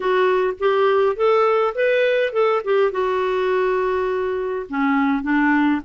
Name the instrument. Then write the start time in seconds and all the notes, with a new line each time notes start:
clarinet
0.00 F#4
0.59 G4
1.15 A4
1.74 B4
2.32 A4
2.64 G4
2.91 F#4
4.69 C#4
5.23 D4